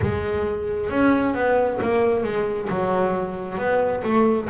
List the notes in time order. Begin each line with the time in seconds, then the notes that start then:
0.02 G#3
0.90 C#4
1.34 B3
1.82 A#3
2.23 G#3
2.69 F#3
3.58 B3
4.03 A3